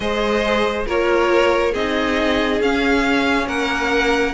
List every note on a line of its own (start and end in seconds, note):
0.00 0.86 G#3
0.00 0.86 G#4
0.00 0.86 C5
0.00 0.84 D#5
0.86 1.74 A#3
0.86 1.73 F4
0.86 1.72 A#4
0.86 1.74 C#5
1.72 2.61 C4
1.72 2.62 D#4
1.72 3.46 G#4
1.72 2.61 D#5
2.61 3.46 C#4
2.61 4.34 C#4
2.61 3.47 F5
3.46 4.33 A#3
3.46 4.34 A#4
3.46 4.34 F#5